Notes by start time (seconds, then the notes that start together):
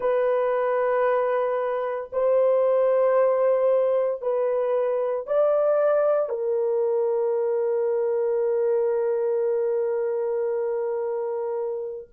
0.00 B4
2.12 C5
4.21 B4
5.26 D5
6.29 A#4